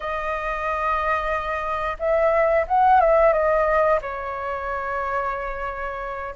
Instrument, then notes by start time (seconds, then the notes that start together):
flute
0.00 D#5
1.99 E5
2.67 F#5
3.00 E5
3.32 D#5
4.02 C#5